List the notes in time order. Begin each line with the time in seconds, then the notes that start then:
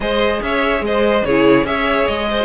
0.00 G#3 G#4 C5 D#5
0.41 C#4 C#5 E5
0.81 G#3 C5 D#5
1.24 C#3 E4 G#4 C#5
1.64 C#4 G#4 C#5 E5
2.07 G#3 D#5
2.30 C5
2.40 F#4